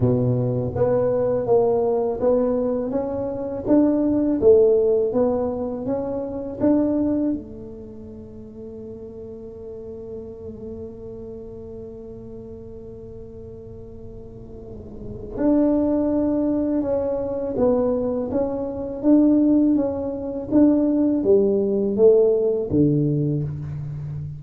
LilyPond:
\new Staff \with { instrumentName = "tuba" } { \time 4/4 \tempo 4 = 82 b,4 b4 ais4 b4 | cis'4 d'4 a4 b4 | cis'4 d'4 a2~ | a1~ |
a1~ | a4 d'2 cis'4 | b4 cis'4 d'4 cis'4 | d'4 g4 a4 d4 | }